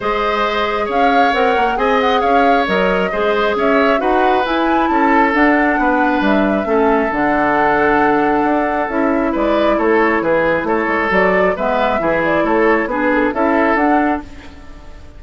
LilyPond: <<
  \new Staff \with { instrumentName = "flute" } { \time 4/4 \tempo 4 = 135 dis''2 f''4 fis''4 | gis''8 fis''8 f''4 dis''2 | e''4 fis''4 gis''4 a''4 | fis''2 e''2 |
fis''1 | e''4 d''4 cis''4 b'4 | cis''4 d''4 e''4. d''8 | cis''4 b'8 a'8 e''4 fis''4 | }
  \new Staff \with { instrumentName = "oboe" } { \time 4/4 c''2 cis''2 | dis''4 cis''2 c''4 | cis''4 b'2 a'4~ | a'4 b'2 a'4~ |
a'1~ | a'4 b'4 a'4 gis'4 | a'2 b'4 gis'4 | a'4 gis'4 a'2 | }
  \new Staff \with { instrumentName = "clarinet" } { \time 4/4 gis'2. ais'4 | gis'2 ais'4 gis'4~ | gis'4 fis'4 e'2 | d'2. cis'4 |
d'1 | e'1~ | e'4 fis'4 b4 e'4~ | e'4 d'4 e'4 d'4 | }
  \new Staff \with { instrumentName = "bassoon" } { \time 4/4 gis2 cis'4 c'8 ais8 | c'4 cis'4 fis4 gis4 | cis'4 dis'4 e'4 cis'4 | d'4 b4 g4 a4 |
d2. d'4 | cis'4 gis4 a4 e4 | a8 gis8 fis4 gis4 e4 | a4 b4 cis'4 d'4 | }
>>